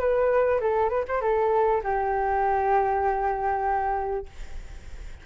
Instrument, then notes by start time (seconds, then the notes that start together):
flute
0.00 B4
0.61 A4
0.90 B4
1.08 C5
1.22 A4
1.84 G4